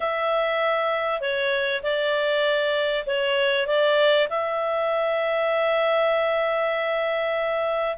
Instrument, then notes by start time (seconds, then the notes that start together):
clarinet
0.00 E5
1.21 C#5
1.82 D5
3.06 C#5
3.67 D5
4.29 E5